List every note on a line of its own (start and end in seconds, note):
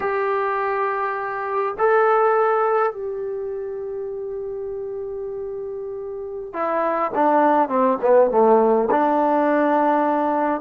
0.00 1.75 G4
1.78 2.92 A4
2.92 6.53 G4
6.53 7.11 E4
7.14 7.68 D4
7.68 7.98 C4
8.01 8.30 B3
8.30 8.88 A3
8.90 10.61 D4